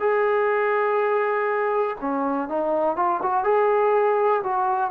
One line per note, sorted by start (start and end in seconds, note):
0.00 1.97 G#4
2.01 2.49 C#4
2.49 2.96 D#4
2.96 3.21 F4
3.22 3.44 F#4
3.44 4.43 G#4
4.44 4.91 F#4